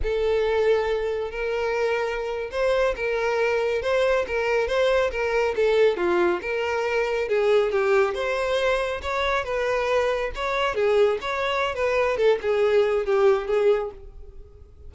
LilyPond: \new Staff \with { instrumentName = "violin" } { \time 4/4 \tempo 4 = 138 a'2. ais'4~ | ais'4.~ ais'16 c''4 ais'4~ ais'16~ | ais'8. c''4 ais'4 c''4 ais'16~ | ais'8. a'4 f'4 ais'4~ ais'16~ |
ais'8. gis'4 g'4 c''4~ c''16~ | c''8. cis''4 b'2 cis''16~ | cis''8. gis'4 cis''4~ cis''16 b'4 | a'8 gis'4. g'4 gis'4 | }